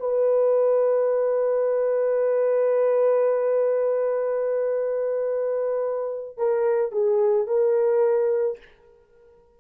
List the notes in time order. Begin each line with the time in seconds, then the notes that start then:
0.00 B4
6.37 A#4
6.92 G#4
7.47 A#4